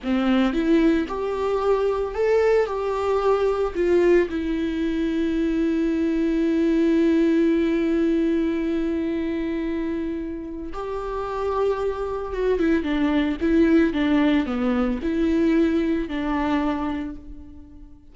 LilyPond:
\new Staff \with { instrumentName = "viola" } { \time 4/4 \tempo 4 = 112 c'4 e'4 g'2 | a'4 g'2 f'4 | e'1~ | e'1~ |
e'1 | g'2. fis'8 e'8 | d'4 e'4 d'4 b4 | e'2 d'2 | }